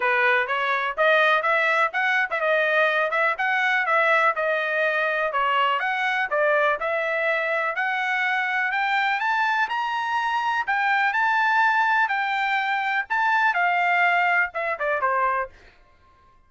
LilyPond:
\new Staff \with { instrumentName = "trumpet" } { \time 4/4 \tempo 4 = 124 b'4 cis''4 dis''4 e''4 | fis''8. e''16 dis''4. e''8 fis''4 | e''4 dis''2 cis''4 | fis''4 d''4 e''2 |
fis''2 g''4 a''4 | ais''2 g''4 a''4~ | a''4 g''2 a''4 | f''2 e''8 d''8 c''4 | }